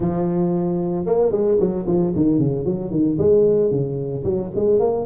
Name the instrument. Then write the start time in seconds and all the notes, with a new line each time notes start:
tuba
0.00 F3
1.05 A#3
1.31 G#3
1.59 F#3
1.87 F3
2.15 D#3
2.38 C#3
2.65 F#3
2.91 D#3
3.18 G#3
3.70 C#3
4.24 F#3
4.55 G#3
4.79 A#3